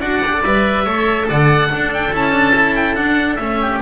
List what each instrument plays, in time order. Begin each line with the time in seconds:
0.00 double bass D4, cello F#4, oboe D5 F#5
0.26 cello G4
0.33 cello A4
0.44 double bass G3, cello B4, oboe E5
0.84 double bass A3, cello A4, oboe C#5
1.28 double bass D3, oboe D5 F#5
1.69 cello D4, double bass D4, oboe A4
1.93 oboe G5
2.12 double bass C#4, cello E4, oboe A5
2.32 cello D4
2.55 cello E4
2.76 oboe G5
2.95 cello D4, double bass D4, oboe F#5
3.35 double bass A3, cello C#4, oboe E5
3.61 oboe G4